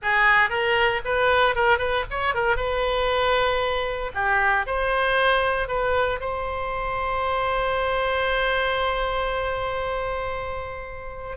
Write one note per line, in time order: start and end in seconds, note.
0.02 0.49 G#4
0.49 1.01 A#4
1.04 1.55 B4
1.55 1.78 A#4
1.78 2.04 B4
2.10 2.34 C#5
2.34 2.56 A#4
2.56 4.11 B4
4.14 4.66 G4
4.66 5.68 C5
5.68 6.20 B4
6.20 11.37 C5